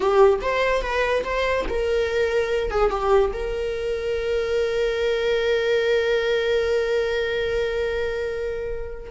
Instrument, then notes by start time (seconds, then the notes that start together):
viola
0.00 G4
0.41 C5
0.82 B4
1.24 C5
1.69 A#4
2.70 G#4
2.90 G4
3.33 A#4